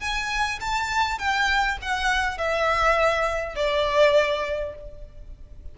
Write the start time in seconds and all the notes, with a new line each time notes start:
0.00 G#5
0.60 A5
1.18 G5
1.82 F#5
2.38 E5
3.56 D5